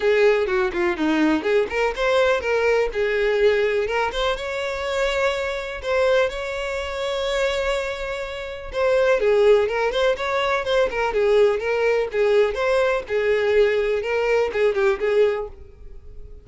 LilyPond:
\new Staff \with { instrumentName = "violin" } { \time 4/4 \tempo 4 = 124 gis'4 fis'8 f'8 dis'4 gis'8 ais'8 | c''4 ais'4 gis'2 | ais'8 c''8 cis''2. | c''4 cis''2.~ |
cis''2 c''4 gis'4 | ais'8 c''8 cis''4 c''8 ais'8 gis'4 | ais'4 gis'4 c''4 gis'4~ | gis'4 ais'4 gis'8 g'8 gis'4 | }